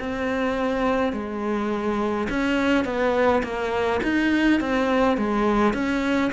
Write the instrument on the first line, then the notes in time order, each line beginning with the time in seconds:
cello
0.00 C4
1.13 G#3
2.30 C#4
2.85 B3
3.44 A#3
4.04 D#4
4.60 C4
5.18 G#3
5.74 C#4